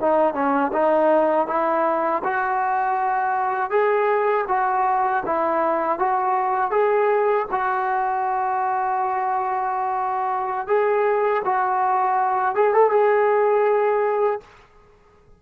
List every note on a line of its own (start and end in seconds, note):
0.00 0.34 D#4
0.34 0.71 C#4
0.72 1.47 D#4
1.47 2.22 E4
2.24 3.70 F#4
3.70 4.45 G#4
4.48 5.23 F#4
5.25 5.98 E4
5.98 6.71 F#4
6.71 7.46 G#4
7.51 10.67 F#4
10.67 11.42 G#4
11.44 12.55 F#4
12.55 12.74 G#4
12.74 12.90 A4
12.90 14.40 G#4